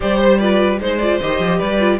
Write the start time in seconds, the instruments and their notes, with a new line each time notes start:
0.00 cello G3, viola G4, violin C5 D5
0.18 violin C5
0.38 viola F4, violin B4 D5
0.79 cello G#3, viola D#4, violin C5
0.99 viola F4, violin D5
1.20 cello D#3, viola G4, violin D#5
1.39 cello F3
1.57 cello G3, violin B4 D5
1.79 viola F4